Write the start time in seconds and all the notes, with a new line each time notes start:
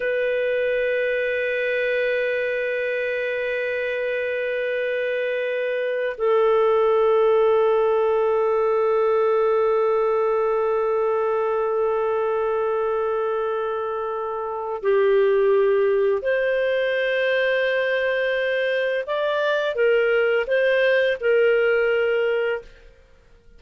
0.00 B4
6.17 A4
14.82 G4
16.22 C5
19.06 D5
19.75 A#4
20.46 C5
21.20 A#4